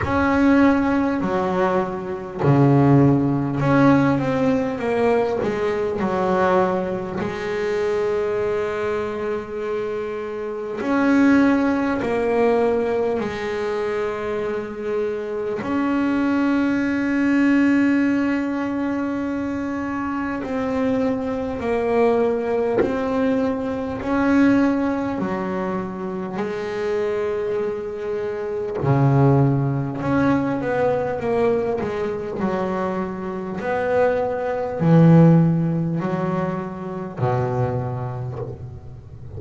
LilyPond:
\new Staff \with { instrumentName = "double bass" } { \time 4/4 \tempo 4 = 50 cis'4 fis4 cis4 cis'8 c'8 | ais8 gis8 fis4 gis2~ | gis4 cis'4 ais4 gis4~ | gis4 cis'2.~ |
cis'4 c'4 ais4 c'4 | cis'4 fis4 gis2 | cis4 cis'8 b8 ais8 gis8 fis4 | b4 e4 fis4 b,4 | }